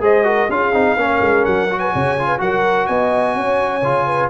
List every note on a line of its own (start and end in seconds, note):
0.00 0.48 G#3
0.00 0.24 G#4
0.00 0.26 C5
0.00 0.50 D#5
0.24 0.47 F#4
0.24 0.50 A#4
0.49 0.73 C#4
0.49 0.73 F4
0.49 0.98 G#4
0.49 1.45 F5
0.73 0.96 C4
0.73 0.97 D#4
0.96 1.20 A#3
0.96 1.69 C#4
0.96 1.79 A#4
1.21 1.45 G#3
1.45 1.94 F#3
1.45 1.79 F#5
1.70 2.18 F#4
1.79 1.91 B4
1.79 2.39 G#5
1.93 2.40 C#3
1.93 2.26 C#5
2.19 2.38 F4
2.26 2.38 B4
2.38 2.88 F#3
2.38 3.81 F#4
2.38 2.88 A#4
2.38 2.86 F#5
2.86 3.35 B3
2.86 3.36 D#5
2.86 4.29 G#5
3.35 3.82 C#4
3.35 4.06 C#5
3.82 4.29 C#3
3.82 4.29 F4
4.06 4.29 B4